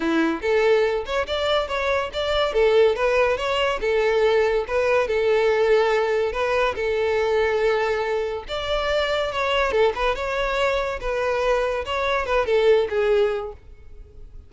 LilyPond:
\new Staff \with { instrumentName = "violin" } { \time 4/4 \tempo 4 = 142 e'4 a'4. cis''8 d''4 | cis''4 d''4 a'4 b'4 | cis''4 a'2 b'4 | a'2. b'4 |
a'1 | d''2 cis''4 a'8 b'8 | cis''2 b'2 | cis''4 b'8 a'4 gis'4. | }